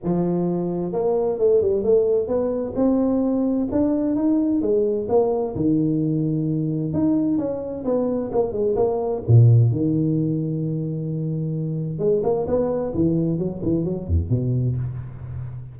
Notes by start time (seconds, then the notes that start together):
0.03 F3
0.92 A#3
1.38 A3
1.61 G3
1.83 A3
2.27 B3
2.75 C4
3.71 D4
4.15 D#4
4.61 G#3
5.09 A#3
5.55 D#3
6.93 D#4
7.38 C#4
7.84 B3
8.31 A#3
8.52 G#3
8.76 A#3
9.27 A#2
9.71 D#3
11.98 G#3
12.23 A#3
12.47 B3
12.94 E3
13.38 F#3
13.62 E3
13.84 F#3
14.07 E2
14.29 B2